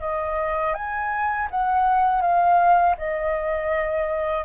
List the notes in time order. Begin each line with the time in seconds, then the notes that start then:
0.00 D#5
0.74 G#5
1.51 F#5
2.21 F5
2.98 D#5